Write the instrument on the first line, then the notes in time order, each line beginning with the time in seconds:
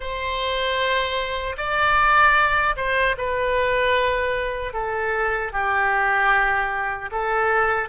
oboe
0.00 C5
1.57 D5
2.76 C5
3.17 B4
4.73 A4
5.52 G4
7.11 A4